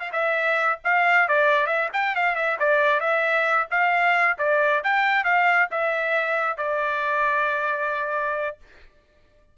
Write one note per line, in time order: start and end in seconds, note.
0.00 0.11 F5
0.13 0.79 E5
0.84 1.28 F5
1.28 1.67 D5
1.67 1.89 E5
1.93 2.16 G5
2.16 2.35 F5
2.35 2.58 E5
2.59 3.00 D5
3.00 3.67 E5
3.71 4.38 F5
4.39 4.83 D5
4.84 5.24 G5
5.24 5.69 F5
5.71 6.58 E5
6.58 8.58 D5